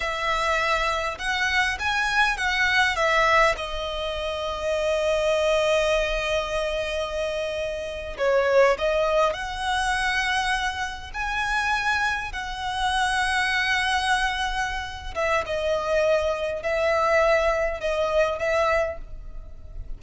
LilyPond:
\new Staff \with { instrumentName = "violin" } { \time 4/4 \tempo 4 = 101 e''2 fis''4 gis''4 | fis''4 e''4 dis''2~ | dis''1~ | dis''4.~ dis''16 cis''4 dis''4 fis''16~ |
fis''2~ fis''8. gis''4~ gis''16~ | gis''8. fis''2.~ fis''16~ | fis''4. e''8 dis''2 | e''2 dis''4 e''4 | }